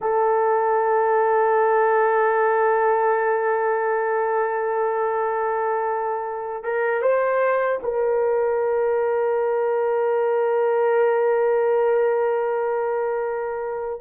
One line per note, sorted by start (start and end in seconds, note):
0.01 6.63 A4
6.63 7.02 A#4
7.02 7.80 C5
7.82 14.00 A#4